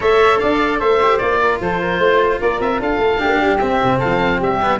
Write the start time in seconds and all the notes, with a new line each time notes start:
0.00 A3 A4 C#5 E5
0.39 D4 D5 F5
0.79 A3 C5 E5
1.02 G4
1.17 A#3 F4 D5
1.41 A#4
1.60 F3 A4 C5
1.80 A#4
1.98 A3 C5
2.41 A#3 A#4 D5
2.60 C4 E5
2.79 D4 A4 F5
2.97 A3
3.17 A#3 D4 G4
3.38 G3
3.58 C4 E5
3.83 C3
3.98 A4 F5
4.04 F3
4.38 G3 G4 E5
4.62 B3